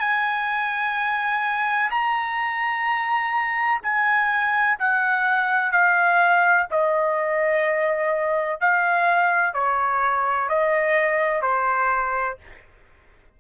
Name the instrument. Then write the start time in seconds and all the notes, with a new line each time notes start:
trumpet
0.00 G#5
1.91 A#5
3.83 G#5
4.79 F#5
5.72 F5
6.71 D#5
8.61 F5
9.54 C#5
10.49 D#5
11.42 C5